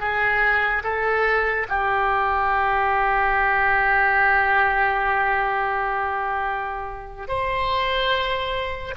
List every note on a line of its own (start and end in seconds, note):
0.00 0.83 G#4
0.84 1.67 A4
1.69 7.28 G4
7.28 8.95 C5